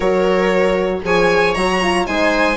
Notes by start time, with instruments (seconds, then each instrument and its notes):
0.00 bassoon F#3, horn F#4, viola A#4, violin C#5
1.03 bassoon F3, horn G#4, viola C#5, violin G#5
1.53 bassoon F#3, horn F#4, violin A#5
1.82 horn F4
2.06 bassoon G#3, horn D#4, viola C5, violin G#5